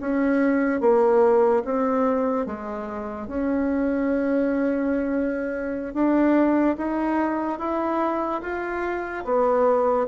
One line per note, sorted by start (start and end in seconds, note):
0.00 0.81 C#4
0.81 1.63 A#3
1.65 2.46 C4
2.46 3.28 G#3
3.28 5.94 C#4
5.94 6.76 D4
6.78 7.59 D#4
7.59 8.41 E4
8.42 9.24 F4
9.25 10.07 B3